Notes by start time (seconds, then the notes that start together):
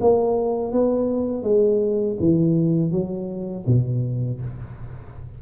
0.00 A#3
0.72 B3
1.43 G#3
2.19 E3
2.91 F#3
3.66 B2